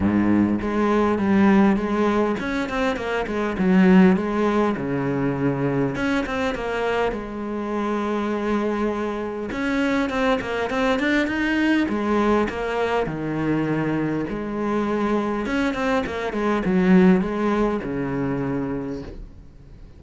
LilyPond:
\new Staff \with { instrumentName = "cello" } { \time 4/4 \tempo 4 = 101 gis,4 gis4 g4 gis4 | cis'8 c'8 ais8 gis8 fis4 gis4 | cis2 cis'8 c'8 ais4 | gis1 |
cis'4 c'8 ais8 c'8 d'8 dis'4 | gis4 ais4 dis2 | gis2 cis'8 c'8 ais8 gis8 | fis4 gis4 cis2 | }